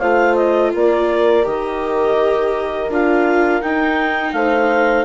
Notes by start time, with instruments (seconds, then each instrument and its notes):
0.00 bassoon A3, viola F4, horn C5, clarinet F5
0.35 clarinet D#5
0.73 bassoon A#3, horn A#4, clarinet D5
1.43 bassoon D#3, viola G4, clarinet D#5
2.90 bassoon D4, viola F4, clarinet F5
3.62 viola D#4, bassoon D#4, clarinet G5
4.33 bassoon A3, horn C5, clarinet F5